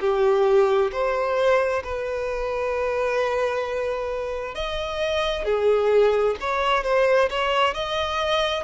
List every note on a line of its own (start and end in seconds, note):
0.00 0.91 G4
0.91 1.82 C5
1.83 4.55 B4
4.55 5.45 D#5
5.45 6.36 G#4
6.40 6.83 C#5
6.83 7.29 C5
7.30 7.74 C#5
7.74 8.63 D#5